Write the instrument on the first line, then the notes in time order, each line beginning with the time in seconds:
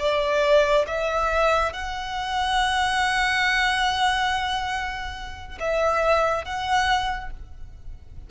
violin
0.00 D5
0.88 E5
1.73 F#5
5.60 E5
6.45 F#5